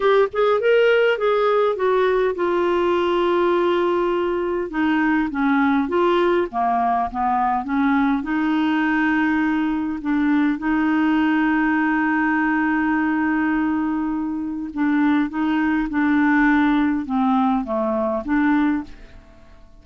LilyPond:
\new Staff \with { instrumentName = "clarinet" } { \time 4/4 \tempo 4 = 102 g'8 gis'8 ais'4 gis'4 fis'4 | f'1 | dis'4 cis'4 f'4 ais4 | b4 cis'4 dis'2~ |
dis'4 d'4 dis'2~ | dis'1~ | dis'4 d'4 dis'4 d'4~ | d'4 c'4 a4 d'4 | }